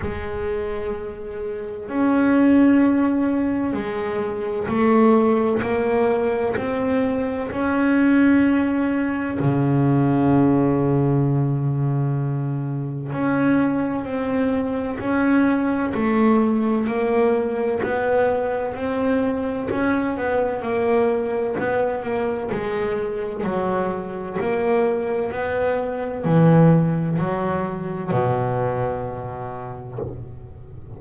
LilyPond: \new Staff \with { instrumentName = "double bass" } { \time 4/4 \tempo 4 = 64 gis2 cis'2 | gis4 a4 ais4 c'4 | cis'2 cis2~ | cis2 cis'4 c'4 |
cis'4 a4 ais4 b4 | c'4 cis'8 b8 ais4 b8 ais8 | gis4 fis4 ais4 b4 | e4 fis4 b,2 | }